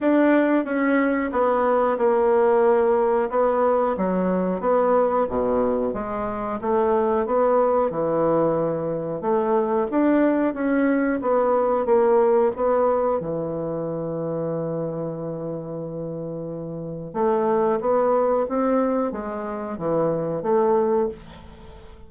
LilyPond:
\new Staff \with { instrumentName = "bassoon" } { \time 4/4 \tempo 4 = 91 d'4 cis'4 b4 ais4~ | ais4 b4 fis4 b4 | b,4 gis4 a4 b4 | e2 a4 d'4 |
cis'4 b4 ais4 b4 | e1~ | e2 a4 b4 | c'4 gis4 e4 a4 | }